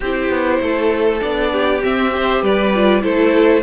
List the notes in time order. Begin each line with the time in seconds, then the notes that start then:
0.00 C4 E4 G4 C5
0.29 B3
0.60 A3 A4
1.19 B3 D4 D5
1.52 G4
1.83 C4 E5
2.09 G4 C5
2.42 G3 B4 D5
2.75 F4
3.01 A3 E4 A4 C5